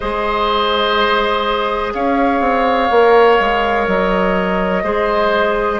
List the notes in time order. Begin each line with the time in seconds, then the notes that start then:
0.00 G#3 G#4 C5 D#5
1.94 C#4 C#5 F5
2.40 C4
2.90 A#3 A#4
3.39 G#3
3.87 F#3 D#5
4.83 G#3 G#4 C5